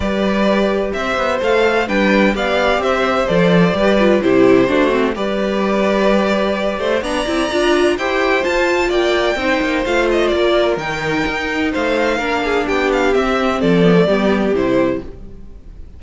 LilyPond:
<<
  \new Staff \with { instrumentName = "violin" } { \time 4/4 \tempo 4 = 128 d''2 e''4 f''4 | g''4 f''4 e''4 d''4~ | d''4 c''2 d''4~ | d''2. ais''4~ |
ais''4 g''4 a''4 g''4~ | g''4 f''8 dis''8 d''4 g''4~ | g''4 f''2 g''8 f''8 | e''4 d''2 c''4 | }
  \new Staff \with { instrumentName = "violin" } { \time 4/4 b'2 c''2 | b'4 d''4 c''2 | b'4 g'4 fis'4 b'4~ | b'2~ b'8 c''8 d''4~ |
d''4 c''2 d''4 | c''2 ais'2~ | ais'4 c''4 ais'8 gis'8 g'4~ | g'4 a'4 g'2 | }
  \new Staff \with { instrumentName = "viola" } { \time 4/4 g'2. a'4 | d'4 g'2 a'4 | g'8 f'8 e'4 d'8 c'8 g'4~ | g'2. d'8 e'8 |
f'4 g'4 f'2 | dis'4 f'2 dis'4~ | dis'2 d'2 | c'4. b16 a16 b4 e'4 | }
  \new Staff \with { instrumentName = "cello" } { \time 4/4 g2 c'8 b8 a4 | g4 b4 c'4 f4 | g4 c4 a4 g4~ | g2~ g8 a8 b8 c'8 |
d'4 e'4 f'4 ais4 | c'8 ais8 a4 ais4 dis4 | dis'4 a4 ais4 b4 | c'4 f4 g4 c4 | }
>>